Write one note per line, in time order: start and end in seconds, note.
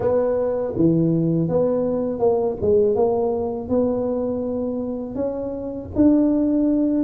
0.00 0.73 B3
0.75 1.48 E3
1.48 2.19 B3
2.19 2.56 A#3
2.61 2.95 G#3
2.95 3.68 A#3
3.68 5.15 B3
5.15 5.89 C#4
5.95 7.04 D4